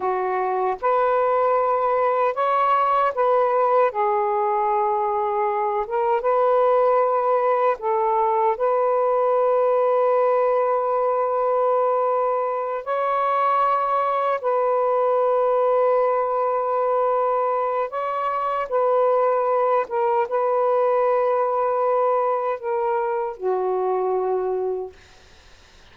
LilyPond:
\new Staff \with { instrumentName = "saxophone" } { \time 4/4 \tempo 4 = 77 fis'4 b'2 cis''4 | b'4 gis'2~ gis'8 ais'8 | b'2 a'4 b'4~ | b'1~ |
b'8 cis''2 b'4.~ | b'2. cis''4 | b'4. ais'8 b'2~ | b'4 ais'4 fis'2 | }